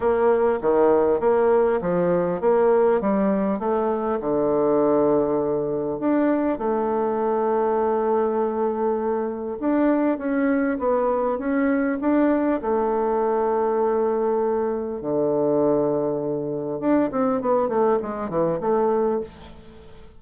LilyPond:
\new Staff \with { instrumentName = "bassoon" } { \time 4/4 \tempo 4 = 100 ais4 dis4 ais4 f4 | ais4 g4 a4 d4~ | d2 d'4 a4~ | a1 |
d'4 cis'4 b4 cis'4 | d'4 a2.~ | a4 d2. | d'8 c'8 b8 a8 gis8 e8 a4 | }